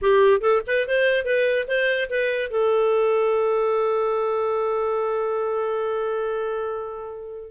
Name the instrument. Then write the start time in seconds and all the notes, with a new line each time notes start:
clarinet
0.01 G4
0.41 A4
0.66 B4
0.87 C5
1.24 B4
1.67 C5
2.09 B4
2.50 A4